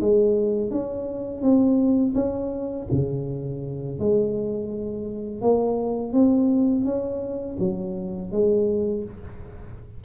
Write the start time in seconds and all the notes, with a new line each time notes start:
0.00 G#3
0.70 C#4
1.42 C4
2.15 C#4
2.91 C#3
3.99 G#3
5.41 A#3
6.12 C4
6.84 C#4
7.59 F#3
8.31 G#3